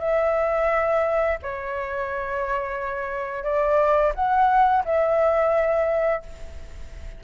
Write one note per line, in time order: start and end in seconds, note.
0.00 1.38 E5
1.43 3.44 C#5
3.44 4.13 D5
4.15 4.84 F#5
4.85 6.23 E5